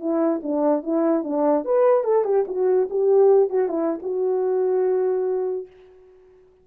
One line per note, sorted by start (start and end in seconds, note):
0.00 0.41 E4
0.43 0.83 D4
0.83 1.24 E4
1.24 1.65 D4
1.65 2.04 B4
2.04 2.25 A4
2.25 2.45 G4
2.48 2.89 F#4
2.90 3.50 G4
3.50 3.68 F#4
3.68 3.99 E4
4.03 5.67 F#4